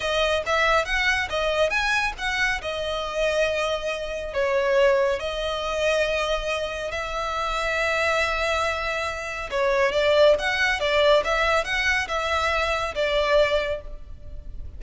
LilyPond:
\new Staff \with { instrumentName = "violin" } { \time 4/4 \tempo 4 = 139 dis''4 e''4 fis''4 dis''4 | gis''4 fis''4 dis''2~ | dis''2 cis''2 | dis''1 |
e''1~ | e''2 cis''4 d''4 | fis''4 d''4 e''4 fis''4 | e''2 d''2 | }